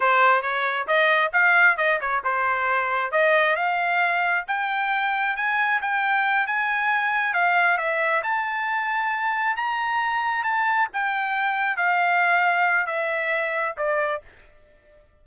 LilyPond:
\new Staff \with { instrumentName = "trumpet" } { \time 4/4 \tempo 4 = 135 c''4 cis''4 dis''4 f''4 | dis''8 cis''8 c''2 dis''4 | f''2 g''2 | gis''4 g''4. gis''4.~ |
gis''8 f''4 e''4 a''4.~ | a''4. ais''2 a''8~ | a''8 g''2 f''4.~ | f''4 e''2 d''4 | }